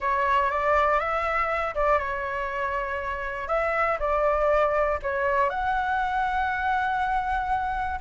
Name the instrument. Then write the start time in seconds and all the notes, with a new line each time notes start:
flute
0.00 C#5
0.50 D5
0.99 E5
1.74 D5
1.98 C#5
3.47 E5
3.99 D5
5.02 C#5
5.49 F#5